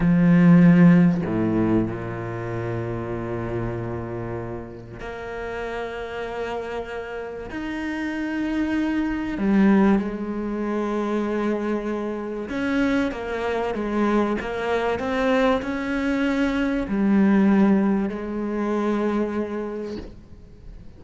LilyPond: \new Staff \with { instrumentName = "cello" } { \time 4/4 \tempo 4 = 96 f2 a,4 ais,4~ | ais,1 | ais1 | dis'2. g4 |
gis1 | cis'4 ais4 gis4 ais4 | c'4 cis'2 g4~ | g4 gis2. | }